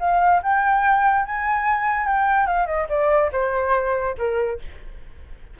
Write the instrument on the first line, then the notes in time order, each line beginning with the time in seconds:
flute
0.00 F5
0.42 G5
1.25 G#5
2.07 G5
2.47 F5
2.66 D#5
2.89 D5
3.32 C5
4.18 A#4